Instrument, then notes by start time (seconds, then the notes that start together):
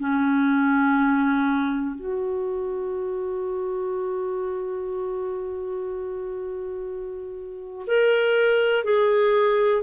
clarinet
0.00 C#4
1.95 F#4
7.87 A#4
8.84 G#4